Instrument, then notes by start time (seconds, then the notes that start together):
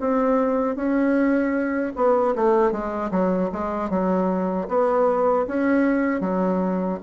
bassoon
0.00 C4
0.76 C#4
1.96 B3
2.35 A3
2.71 G#3
3.11 F#3
3.52 G#3
3.90 F#3
4.68 B3
5.47 C#4
6.20 F#3